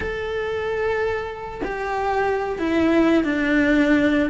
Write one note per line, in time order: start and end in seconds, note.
0.00 1.61 A4
1.64 2.58 G4
2.58 3.23 E4
3.23 4.29 D4